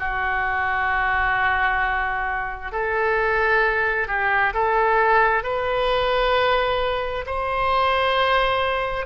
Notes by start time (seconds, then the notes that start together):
0.00 F#4
2.72 A4
4.08 G4
4.54 A4
5.44 B4
7.26 C5